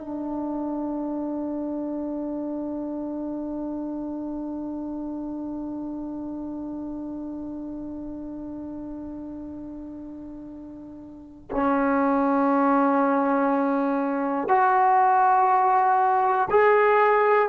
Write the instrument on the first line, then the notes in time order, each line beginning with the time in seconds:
trombone
0.00 D4
11.51 C#4
14.49 F#4
16.50 G#4